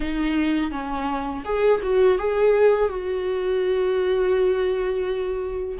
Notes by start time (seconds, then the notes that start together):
0.00 D#4
0.71 C#4
1.44 G#4
1.82 F#4
2.18 G#4
2.89 F#4